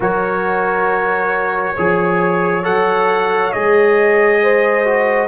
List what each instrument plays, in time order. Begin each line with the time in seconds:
0.00 tuba F#3, trombone F#4, horn A#4, trumpet C#5
1.74 tuba F3, trombone G#4, horn C#5
2.63 tuba F#3, trombone A4, trumpet F#5
3.52 tuba G#3, trombone G#4, trumpet D#5
4.42 horn C5
4.85 trombone F#4